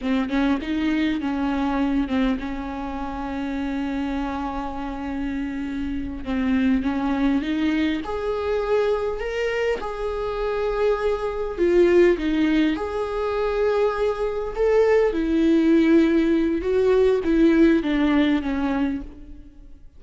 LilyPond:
\new Staff \with { instrumentName = "viola" } { \time 4/4 \tempo 4 = 101 c'8 cis'8 dis'4 cis'4. c'8 | cis'1~ | cis'2~ cis'8 c'4 cis'8~ | cis'8 dis'4 gis'2 ais'8~ |
ais'8 gis'2. f'8~ | f'8 dis'4 gis'2~ gis'8~ | gis'8 a'4 e'2~ e'8 | fis'4 e'4 d'4 cis'4 | }